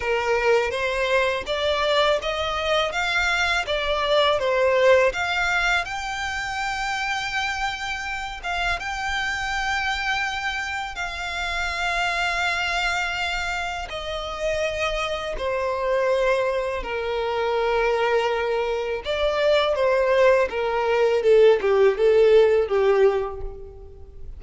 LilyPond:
\new Staff \with { instrumentName = "violin" } { \time 4/4 \tempo 4 = 82 ais'4 c''4 d''4 dis''4 | f''4 d''4 c''4 f''4 | g''2.~ g''8 f''8 | g''2. f''4~ |
f''2. dis''4~ | dis''4 c''2 ais'4~ | ais'2 d''4 c''4 | ais'4 a'8 g'8 a'4 g'4 | }